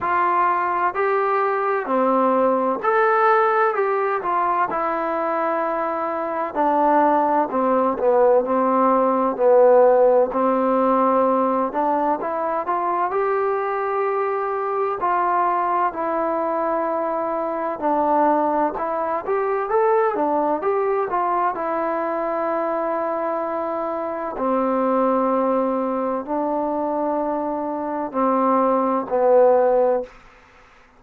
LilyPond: \new Staff \with { instrumentName = "trombone" } { \time 4/4 \tempo 4 = 64 f'4 g'4 c'4 a'4 | g'8 f'8 e'2 d'4 | c'8 b8 c'4 b4 c'4~ | c'8 d'8 e'8 f'8 g'2 |
f'4 e'2 d'4 | e'8 g'8 a'8 d'8 g'8 f'8 e'4~ | e'2 c'2 | d'2 c'4 b4 | }